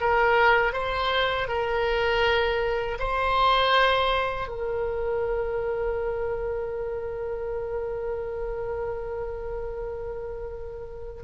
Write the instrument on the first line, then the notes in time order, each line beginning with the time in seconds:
oboe
0.00 A#4
0.73 C5
1.48 A#4
2.99 C5
4.48 A#4